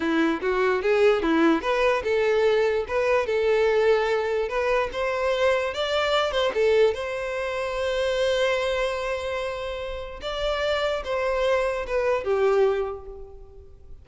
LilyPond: \new Staff \with { instrumentName = "violin" } { \time 4/4 \tempo 4 = 147 e'4 fis'4 gis'4 e'4 | b'4 a'2 b'4 | a'2. b'4 | c''2 d''4. c''8 |
a'4 c''2.~ | c''1~ | c''4 d''2 c''4~ | c''4 b'4 g'2 | }